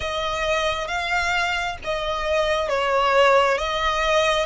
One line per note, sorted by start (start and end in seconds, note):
0.00 0.87 D#5
0.87 1.77 F5
1.84 2.69 D#5
2.69 3.58 C#5
3.58 4.45 D#5